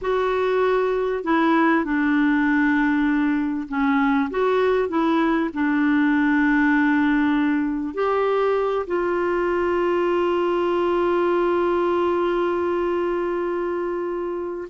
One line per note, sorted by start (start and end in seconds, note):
0.01 1.24 F#4
1.24 1.84 E4
1.84 3.68 D4
3.68 4.29 C#4
4.30 4.88 F#4
4.88 5.50 E4
5.53 7.94 D4
7.94 8.86 G4
8.86 14.68 F4